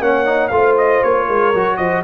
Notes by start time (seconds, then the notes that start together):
0.00 A#3 C#4 C#5 F#5
0.26 D#4
0.48 A3 F4 F5
0.56 C5
0.78 D#5
1.04 A#3 C#5
1.26 G#3 A#4
1.54 F#3 F#4
1.77 F3 C5 D#5